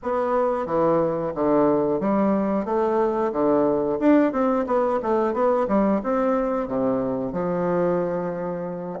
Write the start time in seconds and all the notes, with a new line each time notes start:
0.02 B3
0.66 E3
1.35 D3
2.00 G3
2.65 A3
3.32 D3
3.99 D4
4.32 C4
4.66 B3
5.02 A3
5.33 B3
5.68 G3
6.03 C4
6.67 C3
7.32 F3